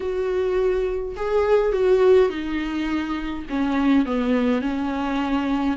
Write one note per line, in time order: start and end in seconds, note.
0.00 1.15 F#4
1.16 1.72 G#4
1.72 2.29 F#4
2.29 3.45 D#4
3.49 4.05 C#4
4.05 4.61 B3
4.61 5.77 C#4